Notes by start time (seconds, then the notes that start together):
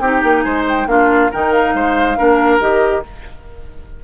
0.00 C4 D#4 G4 G5
0.23 A#3
0.41 G#3 C5 G#5
0.68 G5
0.87 A#3 D4 F4 F5
1.31 D#3 D#4 A#4 G5
1.52 F5
1.74 G#3 C5
2.17 A#3 D4 A#4
2.59 D#3 G4 D#5